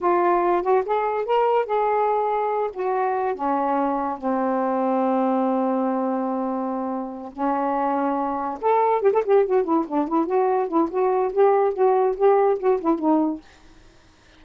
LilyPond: \new Staff \with { instrumentName = "saxophone" } { \time 4/4 \tempo 4 = 143 f'4. fis'8 gis'4 ais'4 | gis'2~ gis'8 fis'4. | cis'2 c'2~ | c'1~ |
c'4. cis'2~ cis'8~ | cis'8 a'4 g'16 a'16 g'8 fis'8 e'8 d'8 | e'8 fis'4 e'8 fis'4 g'4 | fis'4 g'4 fis'8 e'8 dis'4 | }